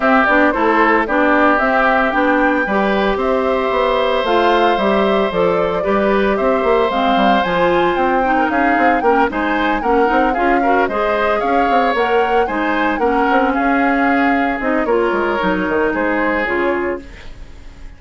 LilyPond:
<<
  \new Staff \with { instrumentName = "flute" } { \time 4/4 \tempo 4 = 113 e''8 d''8 c''4 d''4 e''4 | g''2 e''2 | f''4 e''4 d''2 | e''4 f''4 gis''4 g''4 |
f''4 g''8 gis''4 fis''4 f''8~ | f''8 dis''4 f''4 fis''4 gis''8~ | gis''8 fis''4 f''2 dis''8 | cis''2 c''4 cis''4 | }
  \new Staff \with { instrumentName = "oboe" } { \time 4/4 g'4 a'4 g'2~ | g'4 b'4 c''2~ | c''2. b'4 | c''2.~ c''8. ais'16 |
gis'4 ais'8 c''4 ais'4 gis'8 | ais'8 c''4 cis''2 c''8~ | c''8 ais'4 gis'2~ gis'8 | ais'2 gis'2 | }
  \new Staff \with { instrumentName = "clarinet" } { \time 4/4 c'8 d'8 e'4 d'4 c'4 | d'4 g'2. | f'4 g'4 a'4 g'4~ | g'4 c'4 f'4. dis'8~ |
dis'4 cis'8 dis'4 cis'8 dis'8 f'8 | fis'8 gis'2 ais'4 dis'8~ | dis'8 cis'2. dis'8 | f'4 dis'2 f'4 | }
  \new Staff \with { instrumentName = "bassoon" } { \time 4/4 c'8 b8 a4 b4 c'4 | b4 g4 c'4 b4 | a4 g4 f4 g4 | c'8 ais8 gis8 g8 f4 c'4 |
cis'8 c'8 ais8 gis4 ais8 c'8 cis'8~ | cis'8 gis4 cis'8 c'8 ais4 gis8~ | gis8 ais8 c'8 cis'2 c'8 | ais8 gis8 fis8 dis8 gis4 cis4 | }
>>